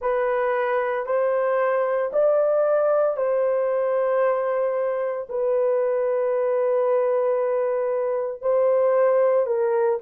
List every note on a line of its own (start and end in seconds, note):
0.00 1.05 B4
1.05 2.11 C5
2.12 3.16 D5
3.16 5.27 C5
5.29 8.41 B4
8.41 9.46 C5
9.46 9.99 A#4